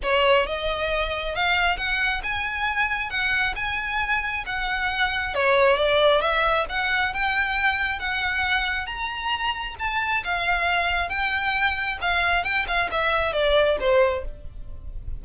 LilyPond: \new Staff \with { instrumentName = "violin" } { \time 4/4 \tempo 4 = 135 cis''4 dis''2 f''4 | fis''4 gis''2 fis''4 | gis''2 fis''2 | cis''4 d''4 e''4 fis''4 |
g''2 fis''2 | ais''2 a''4 f''4~ | f''4 g''2 f''4 | g''8 f''8 e''4 d''4 c''4 | }